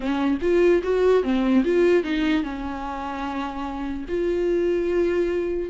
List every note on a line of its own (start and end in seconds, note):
0.00 0.38 C#4
0.41 0.81 F4
0.83 1.23 F#4
1.23 1.63 C4
1.64 2.03 F4
2.03 2.43 D#4
2.43 4.05 C#4
4.08 5.69 F4